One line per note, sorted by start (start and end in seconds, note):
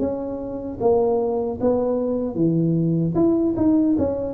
0.00 0.79 C#4
0.80 1.59 A#3
1.61 2.35 B3
2.35 3.14 E3
3.15 3.55 E4
3.57 3.97 D#4
3.99 4.34 C#4